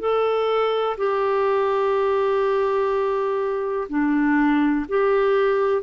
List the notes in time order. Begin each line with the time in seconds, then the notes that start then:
0.00 A4
0.98 G4
3.89 D4
4.89 G4